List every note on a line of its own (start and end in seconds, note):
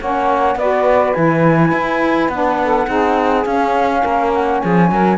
0.00 0.56 A#3
0.00 0.59 C#4
0.00 0.58 C#5
0.00 0.59 F#5
0.56 1.13 B3
0.56 1.16 F#4
0.56 2.61 B4
0.56 1.14 D5
1.14 1.72 E3
1.14 2.31 E4
1.14 2.29 G#5
1.72 2.29 E4
2.29 2.87 B3
2.29 2.87 D4
2.29 3.44 F#5
2.64 2.89 A4
2.87 3.45 C4
2.87 3.45 D#4
2.87 4.01 G#4
3.45 4.03 C#4
3.45 5.18 C#4
3.45 4.32 F5
4.01 4.63 A#3
4.01 4.59 A#4
4.34 4.60 F#5
4.60 4.91 F3
4.60 4.90 G#4
4.60 5.18 G#5
4.91 5.18 F#3
4.91 5.18 A#4